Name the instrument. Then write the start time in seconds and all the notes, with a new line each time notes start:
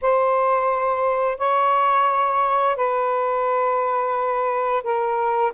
saxophone
0.01 C5
1.38 C#5
2.76 B4
4.83 A#4